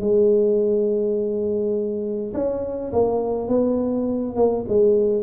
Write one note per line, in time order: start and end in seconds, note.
0.00 2.33 G#3
2.34 2.92 C#4
2.92 3.48 A#3
3.48 4.35 B3
4.36 4.65 A#3
4.68 5.23 G#3